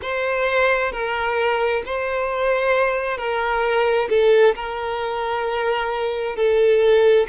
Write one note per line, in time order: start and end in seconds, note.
0.02 0.91 C5
0.91 1.82 A#4
1.85 3.17 C5
3.17 4.08 A#4
4.09 4.55 A4
4.55 6.36 A#4
6.36 7.26 A4